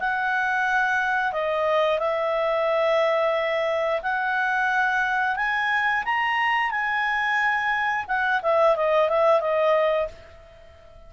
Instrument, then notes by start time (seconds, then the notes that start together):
clarinet
0.00 F#5
1.33 D#5
1.99 E5
4.03 F#5
5.36 G#5
6.05 A#5
6.71 G#5
8.08 F#5
8.43 E5
8.76 D#5
9.09 E5
9.41 D#5